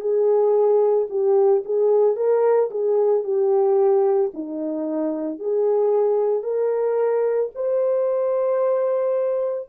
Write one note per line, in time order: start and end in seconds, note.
0.00 1.07 G#4
1.09 1.63 G4
1.65 2.16 G#4
2.16 2.69 A#4
2.70 3.23 G#4
3.23 4.31 G4
4.33 5.39 D#4
5.39 6.43 G#4
6.43 7.50 A#4
7.55 9.69 C5